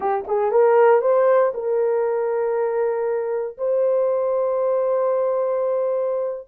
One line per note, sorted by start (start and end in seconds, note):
0.00 0.24 G4
0.27 0.51 G#4
0.51 1.01 A#4
1.01 1.52 C5
1.54 3.57 A#4
3.57 6.47 C5